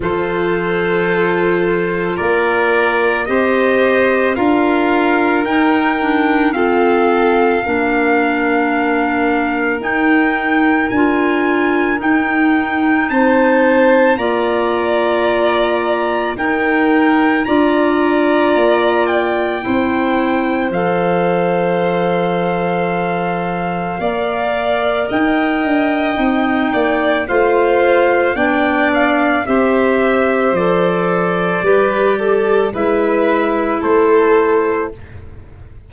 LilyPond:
<<
  \new Staff \with { instrumentName = "trumpet" } { \time 4/4 \tempo 4 = 55 c''2 d''4 dis''4 | f''4 g''4 f''2~ | f''4 g''4 gis''4 g''4 | a''4 ais''2 g''4 |
ais''4. g''4. f''4~ | f''2. g''4~ | g''4 f''4 g''8 f''8 e''4 | d''2 e''4 c''4 | }
  \new Staff \with { instrumentName = "violin" } { \time 4/4 a'2 ais'4 c''4 | ais'2 a'4 ais'4~ | ais'1 | c''4 d''2 ais'4 |
d''2 c''2~ | c''2 d''4 dis''4~ | dis''8 d''8 c''4 d''4 c''4~ | c''4 b'8 a'8 b'4 a'4 | }
  \new Staff \with { instrumentName = "clarinet" } { \time 4/4 f'2. g'4 | f'4 dis'8 d'8 c'4 d'4~ | d'4 dis'4 f'4 dis'4~ | dis'4 f'2 dis'4 |
f'2 e'4 a'4~ | a'2 ais'2 | dis'4 f'4 d'4 g'4 | a'4 g'4 e'2 | }
  \new Staff \with { instrumentName = "tuba" } { \time 4/4 f2 ais4 c'4 | d'4 dis'4 f'4 ais4~ | ais4 dis'4 d'4 dis'4 | c'4 ais2 dis'4 |
d'4 ais4 c'4 f4~ | f2 ais4 dis'8 d'8 | c'8 ais8 a4 b4 c'4 | f4 g4 gis4 a4 | }
>>